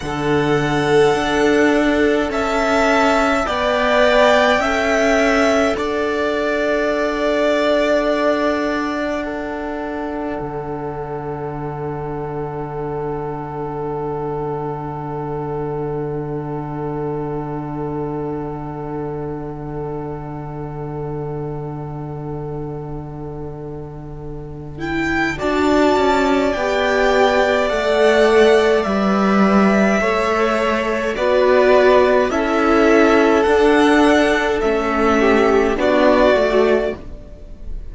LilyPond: <<
  \new Staff \with { instrumentName = "violin" } { \time 4/4 \tempo 4 = 52 fis''2 a''4 g''4~ | g''4 fis''2.~ | fis''1~ | fis''1~ |
fis''1~ | fis''4. g''8 a''4 g''4 | fis''4 e''2 d''4 | e''4 fis''4 e''4 d''4 | }
  \new Staff \with { instrumentName = "violin" } { \time 4/4 a'2 e''4 d''4 | e''4 d''2. | a'1~ | a'1~ |
a'1~ | a'2 d''2~ | d''2 cis''4 b'4 | a'2~ a'8 g'8 fis'4 | }
  \new Staff \with { instrumentName = "viola" } { \time 4/4 a'2. b'4 | a'1 | d'1~ | d'1~ |
d'1~ | d'4. e'8 fis'4 g'4 | a'4 b'4 a'4 fis'4 | e'4 d'4 cis'4 d'8 fis'8 | }
  \new Staff \with { instrumentName = "cello" } { \time 4/4 d4 d'4 cis'4 b4 | cis'4 d'2.~ | d'4 d2.~ | d1~ |
d1~ | d2 d'8 cis'8 b4 | a4 g4 a4 b4 | cis'4 d'4 a4 b8 a8 | }
>>